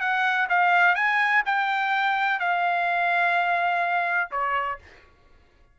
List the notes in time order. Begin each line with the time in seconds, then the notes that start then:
0.00 F#5
0.49 F5
0.95 G#5
1.46 G5
2.39 F5
4.31 C#5